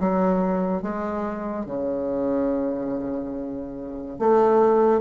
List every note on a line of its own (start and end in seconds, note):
0.00 0.82 F#3
0.82 1.66 G#3
1.66 4.19 C#3
4.19 5.01 A3